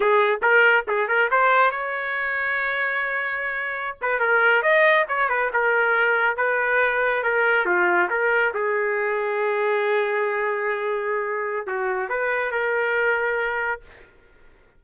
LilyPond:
\new Staff \with { instrumentName = "trumpet" } { \time 4/4 \tempo 4 = 139 gis'4 ais'4 gis'8 ais'8 c''4 | cis''1~ | cis''4~ cis''16 b'8 ais'4 dis''4 cis''16~ | cis''16 b'8 ais'2 b'4~ b'16~ |
b'8. ais'4 f'4 ais'4 gis'16~ | gis'1~ | gis'2. fis'4 | b'4 ais'2. | }